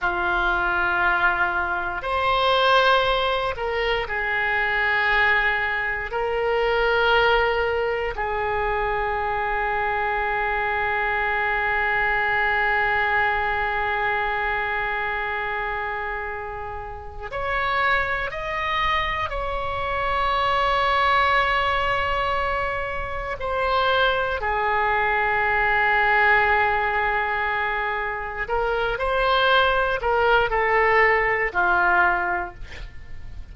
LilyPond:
\new Staff \with { instrumentName = "oboe" } { \time 4/4 \tempo 4 = 59 f'2 c''4. ais'8 | gis'2 ais'2 | gis'1~ | gis'1~ |
gis'4 cis''4 dis''4 cis''4~ | cis''2. c''4 | gis'1 | ais'8 c''4 ais'8 a'4 f'4 | }